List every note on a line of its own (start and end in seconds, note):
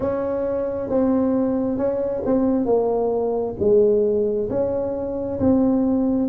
0.00 0.89 C#4
0.89 1.77 C4
1.77 2.22 C#4
2.25 2.65 C4
2.65 3.55 A#3
3.59 4.49 G#3
4.49 5.39 C#4
5.39 6.28 C4